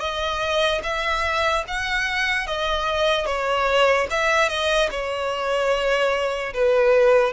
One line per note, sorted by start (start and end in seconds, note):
0.00 0.81 D#5
0.83 1.64 E5
1.67 2.47 F#5
2.47 3.26 D#5
3.26 4.07 C#5
4.10 4.49 E5
4.49 4.89 D#5
4.91 6.53 C#5
6.53 7.32 B4